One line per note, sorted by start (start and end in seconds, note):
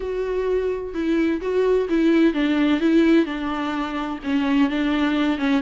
0.00 0.94 F#4
0.94 1.40 E4
1.41 1.87 F#4
1.89 2.33 E4
2.33 2.80 D4
2.80 3.25 E4
3.25 4.19 D4
4.23 4.69 C#4
4.69 5.38 D4
5.38 5.61 C#4